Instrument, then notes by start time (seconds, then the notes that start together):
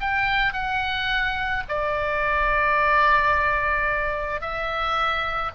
oboe
0.00 G5
0.53 F#5
1.68 D5
4.41 E5